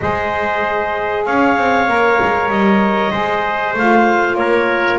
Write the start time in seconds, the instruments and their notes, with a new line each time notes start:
0.00 double bass G#3, saxophone G#4, trumpet C5, clarinet D#5
1.25 double bass C#4, trumpet C#5, clarinet F5
1.56 double bass C4
1.87 double bass A#3, saxophone A#4
2.21 double bass G#3
2.48 double bass G3, clarinet D#5
3.11 double bass G#3, saxophone G#4, trumpet C5
3.74 double bass A3, saxophone F4, clarinet F5
4.34 double bass A#3, trumpet A#4, clarinet C#5